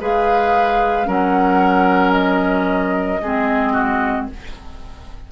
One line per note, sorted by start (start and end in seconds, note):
0.00 1.07 G#3
0.00 1.05 G#4
0.00 1.07 B4
0.00 1.08 F5
1.05 3.21 F#3
1.05 3.19 C#4
1.05 3.21 A#4
1.05 2.12 F#5
2.12 4.26 D#5
3.21 4.29 G#3
3.21 4.31 C4
3.21 3.73 G#4
3.73 4.26 F#4